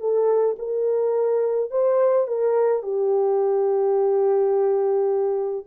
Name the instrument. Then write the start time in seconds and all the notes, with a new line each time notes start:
horn
0.00 A4
0.59 A#4
1.71 C5
2.27 A#4
2.83 G4